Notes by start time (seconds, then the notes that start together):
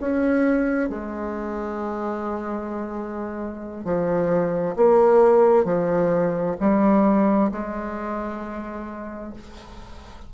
0.00 C#4
0.89 G#3
3.84 F3
4.76 A#3
5.64 F3
6.60 G3
7.51 G#3